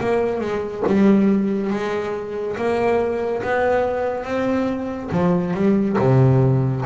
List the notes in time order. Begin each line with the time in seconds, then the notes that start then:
0.00 A#3
0.40 G#3
0.87 G3
1.70 G#3
2.56 A#3
3.42 B3
4.24 C4
5.12 F3
5.54 G3
5.98 C3